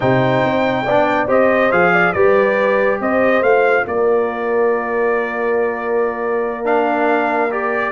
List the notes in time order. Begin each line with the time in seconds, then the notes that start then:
0.00 C3 D#4 C5 G5
0.44 C4
0.85 B3 D4 D5
1.27 C4 G4 C5 D#5
1.71 F3 G#4 F5
1.92 D5
2.13 G3 G4 B4 D5
3.00 C4 C5 D#5
3.41 A3 F4 F5
3.86 A#3 A#4 D5
6.64 D4 F5
7.49 G4 D5